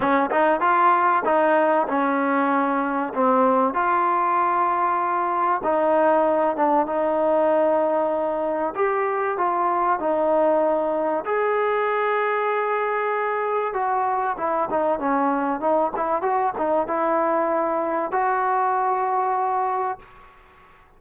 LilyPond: \new Staff \with { instrumentName = "trombone" } { \time 4/4 \tempo 4 = 96 cis'8 dis'8 f'4 dis'4 cis'4~ | cis'4 c'4 f'2~ | f'4 dis'4. d'8 dis'4~ | dis'2 g'4 f'4 |
dis'2 gis'2~ | gis'2 fis'4 e'8 dis'8 | cis'4 dis'8 e'8 fis'8 dis'8 e'4~ | e'4 fis'2. | }